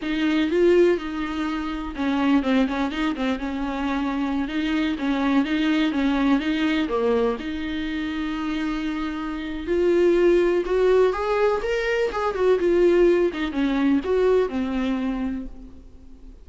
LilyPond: \new Staff \with { instrumentName = "viola" } { \time 4/4 \tempo 4 = 124 dis'4 f'4 dis'2 | cis'4 c'8 cis'8 dis'8 c'8 cis'4~ | cis'4~ cis'16 dis'4 cis'4 dis'8.~ | dis'16 cis'4 dis'4 ais4 dis'8.~ |
dis'1 | f'2 fis'4 gis'4 | ais'4 gis'8 fis'8 f'4. dis'8 | cis'4 fis'4 c'2 | }